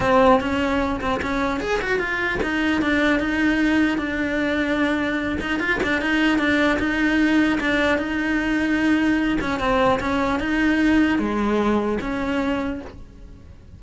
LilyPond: \new Staff \with { instrumentName = "cello" } { \time 4/4 \tempo 4 = 150 c'4 cis'4. c'8 cis'4 | gis'8 fis'8 f'4 dis'4 d'4 | dis'2 d'2~ | d'4. dis'8 f'8 d'8 dis'4 |
d'4 dis'2 d'4 | dis'2.~ dis'8 cis'8 | c'4 cis'4 dis'2 | gis2 cis'2 | }